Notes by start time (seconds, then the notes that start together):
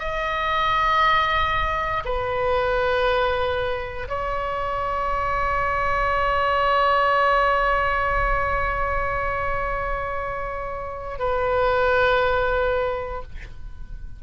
0.00 D#5
2.05 B4
4.09 C#5
11.19 B4